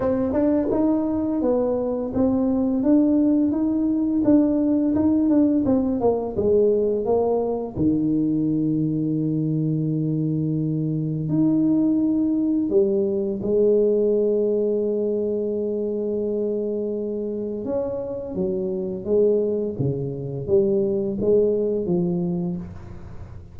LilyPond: \new Staff \with { instrumentName = "tuba" } { \time 4/4 \tempo 4 = 85 c'8 d'8 dis'4 b4 c'4 | d'4 dis'4 d'4 dis'8 d'8 | c'8 ais8 gis4 ais4 dis4~ | dis1 |
dis'2 g4 gis4~ | gis1~ | gis4 cis'4 fis4 gis4 | cis4 g4 gis4 f4 | }